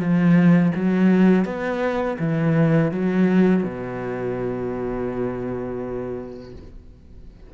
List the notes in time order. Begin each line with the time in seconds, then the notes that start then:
0.00 F3
0.75 F#3
1.45 B3
2.19 E3
2.91 F#3
3.64 B2